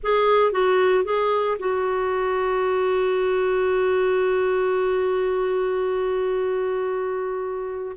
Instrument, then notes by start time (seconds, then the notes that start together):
clarinet
0.03 G#4
0.51 F#4
1.04 G#4
1.59 F#4